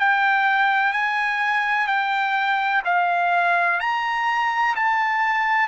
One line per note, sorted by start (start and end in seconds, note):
0.00 0.94 G5
0.94 1.87 G#5
1.87 2.83 G5
2.85 3.80 F5
3.80 4.75 A#5
4.76 5.68 A5